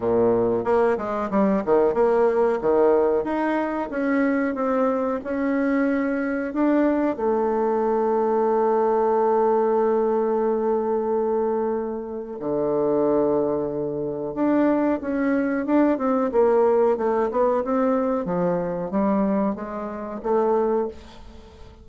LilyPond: \new Staff \with { instrumentName = "bassoon" } { \time 4/4 \tempo 4 = 92 ais,4 ais8 gis8 g8 dis8 ais4 | dis4 dis'4 cis'4 c'4 | cis'2 d'4 a4~ | a1~ |
a2. d4~ | d2 d'4 cis'4 | d'8 c'8 ais4 a8 b8 c'4 | f4 g4 gis4 a4 | }